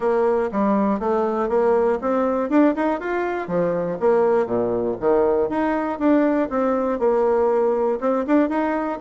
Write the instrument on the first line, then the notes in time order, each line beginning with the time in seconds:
bassoon
0.00 A#3
0.51 G3
0.99 A3
1.49 A#3
2.01 C4
2.49 D4
2.75 D#4
3.00 F4
3.47 F3
4.00 A#3
4.46 A#2
5.00 D#3
5.49 D#4
5.99 D4
6.49 C4
6.99 A#3
8.00 C4
8.27 D4
8.49 D#4